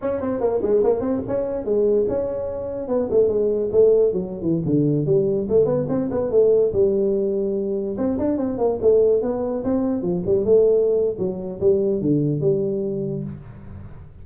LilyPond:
\new Staff \with { instrumentName = "tuba" } { \time 4/4 \tempo 4 = 145 cis'8 c'8 ais8 gis8 ais8 c'8 cis'4 | gis4 cis'2 b8 a8 | gis4 a4 fis8. e8 d8.~ | d16 g4 a8 b8 c'8 b8 a8.~ |
a16 g2. c'8 d'16~ | d'16 c'8 ais8 a4 b4 c'8.~ | c'16 f8 g8 a4.~ a16 fis4 | g4 d4 g2 | }